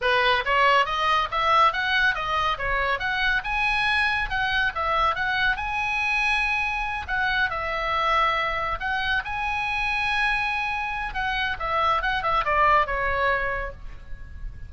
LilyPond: \new Staff \with { instrumentName = "oboe" } { \time 4/4 \tempo 4 = 140 b'4 cis''4 dis''4 e''4 | fis''4 dis''4 cis''4 fis''4 | gis''2 fis''4 e''4 | fis''4 gis''2.~ |
gis''8 fis''4 e''2~ e''8~ | e''8 fis''4 gis''2~ gis''8~ | gis''2 fis''4 e''4 | fis''8 e''8 d''4 cis''2 | }